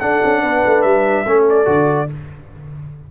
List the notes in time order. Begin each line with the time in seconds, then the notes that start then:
0.00 D4 A4 F#5
0.25 C#4
0.43 B3 B4
0.66 A3
0.82 G3 E5
1.26 A3 C#4 A4
1.50 D5
1.66 D3 F#4